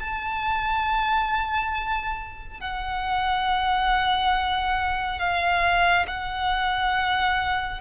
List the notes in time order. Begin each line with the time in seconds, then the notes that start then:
0.00 A5
2.61 F#5
5.20 F5
6.08 F#5